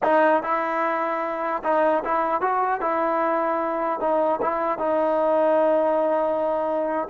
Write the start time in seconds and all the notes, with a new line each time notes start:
0.03 D#4
0.43 E4
1.63 D#4
2.04 E4
2.41 F#4
2.81 E4
4.00 D#4
4.41 E4
4.78 D#4